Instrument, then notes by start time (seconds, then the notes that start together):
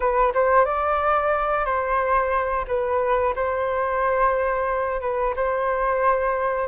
flute
0.00 B4
0.34 C5
0.65 D5
1.65 C5
2.67 B4
3.35 C5
5.01 B4
5.35 C5